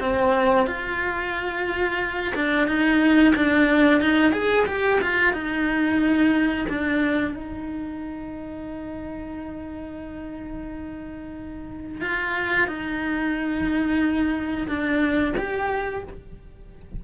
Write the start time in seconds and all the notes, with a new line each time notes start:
0.00 C4
0.66 F4
2.35 D4
2.67 D#4
3.35 D4
4.01 D#4
4.32 G#4
4.66 G4
5.01 F4
5.33 D#4
6.69 D4
7.34 D#4
12.01 F4
12.67 D#4
14.68 D4
15.37 G4